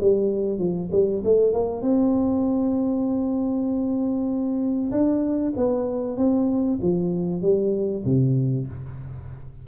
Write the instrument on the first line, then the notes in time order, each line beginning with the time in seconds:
tuba
0.00 G3
0.58 F3
0.92 G3
1.24 A3
1.53 A#3
1.82 C4
4.91 D4
5.56 B3
6.17 C4
6.82 F3
7.42 G3
8.05 C3